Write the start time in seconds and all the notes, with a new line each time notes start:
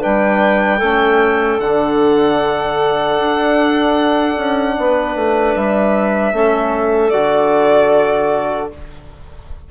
0.00 G3 D4 B4 G5
0.78 A3 C#4 A4
1.59 D3 D4 F#5
3.17 D4
4.37 C#4
4.78 B3 B4
5.15 A3
5.55 G3 E5
6.32 A3 C#4 A4
7.10 D3 F#4 D5